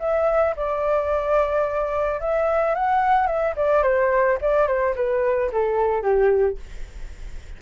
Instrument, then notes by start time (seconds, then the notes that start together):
flute
0.00 E5
0.57 D5
2.21 E5
2.75 F#5
3.27 E5
3.57 D5
3.83 C5
4.42 D5
4.68 C5
4.96 B4
5.53 A4
6.03 G4